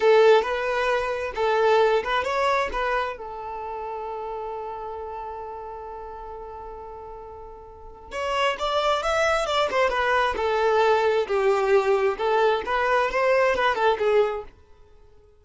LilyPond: \new Staff \with { instrumentName = "violin" } { \time 4/4 \tempo 4 = 133 a'4 b'2 a'4~ | a'8 b'8 cis''4 b'4 a'4~ | a'1~ | a'1~ |
a'2 cis''4 d''4 | e''4 d''8 c''8 b'4 a'4~ | a'4 g'2 a'4 | b'4 c''4 b'8 a'8 gis'4 | }